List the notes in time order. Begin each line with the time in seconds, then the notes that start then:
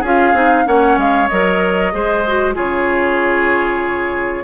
0.00 C#4 F4 G#4 F5
0.33 C4 D#4
0.65 A#3 C#4 C#5 F#5
0.97 G#3 F5
1.28 F#3 A#4 D#5
1.92 G#3 G#4 C5
2.27 F#4
2.54 C#3 F4 G#4 C#5